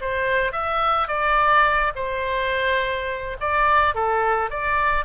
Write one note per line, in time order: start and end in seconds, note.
0.00 0.52 C5
0.52 1.08 E5
1.08 1.92 D5
1.95 3.37 C5
3.40 3.94 D5
3.94 4.50 A4
4.50 5.05 D5